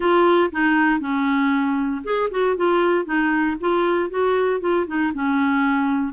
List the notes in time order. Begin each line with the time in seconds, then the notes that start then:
0.00 F4
0.52 D#4
1.00 C#4
2.04 G#4
2.31 F#4
2.56 F4
3.05 D#4
3.60 F4
4.10 F#4
4.60 F4
4.86 D#4
5.14 C#4